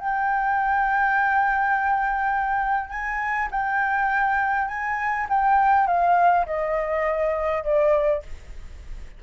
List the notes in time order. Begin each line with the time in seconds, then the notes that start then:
0.00 G5
2.90 G#5
3.52 G5
4.68 G#5
5.30 G5
5.87 F5
6.47 D#5
7.64 D5